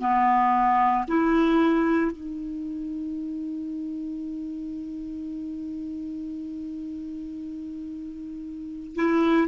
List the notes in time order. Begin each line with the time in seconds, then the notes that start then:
0.00 B3
1.08 E4
2.11 D#4
8.95 E4